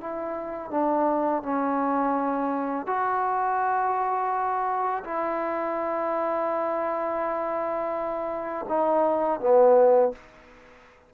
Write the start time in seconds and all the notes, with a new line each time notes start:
0.00 E4
0.70 D4
1.43 C#4
2.86 F#4
5.04 E4
8.68 D#4
9.40 B3